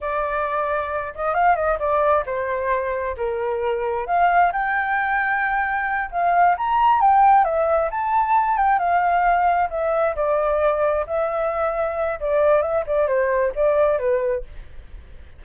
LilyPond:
\new Staff \with { instrumentName = "flute" } { \time 4/4 \tempo 4 = 133 d''2~ d''8 dis''8 f''8 dis''8 | d''4 c''2 ais'4~ | ais'4 f''4 g''2~ | g''4. f''4 ais''4 g''8~ |
g''8 e''4 a''4. g''8 f''8~ | f''4. e''4 d''4.~ | d''8 e''2~ e''8 d''4 | e''8 d''8 c''4 d''4 b'4 | }